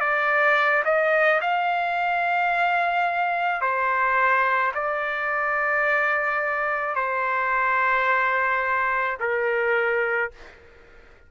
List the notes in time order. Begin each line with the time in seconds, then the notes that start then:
0.00 D5
0.85 D#5
1.41 F5
3.61 C5
4.74 D5
6.95 C5
9.20 A#4